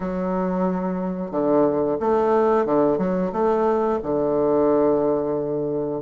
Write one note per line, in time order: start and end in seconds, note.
0.00 1.31 F#3
1.31 1.97 D3
2.00 2.65 A3
2.65 2.98 D3
2.98 3.31 F#3
3.32 3.98 A3
4.02 6.02 D3